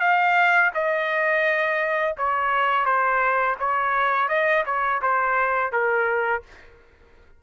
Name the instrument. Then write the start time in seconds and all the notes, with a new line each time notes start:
trumpet
0.00 F5
0.74 D#5
2.17 C#5
2.85 C5
3.59 C#5
4.28 D#5
4.66 C#5
5.01 C5
5.72 A#4